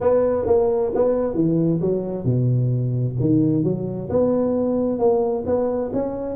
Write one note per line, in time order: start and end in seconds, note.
0.00 0.46 B3
0.46 0.92 A#3
0.94 1.34 B3
1.34 1.80 E3
1.81 2.24 F#3
2.24 3.15 B2
3.20 3.63 D#3
3.63 4.09 F#3
4.09 4.98 B3
4.98 5.44 A#3
5.46 5.91 B3
5.93 6.35 C#4